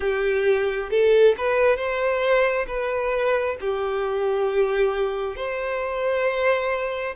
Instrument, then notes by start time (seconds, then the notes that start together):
violin
0.00 G4
0.90 A4
1.37 B4
1.76 C5
2.67 B4
3.60 G4
5.36 C5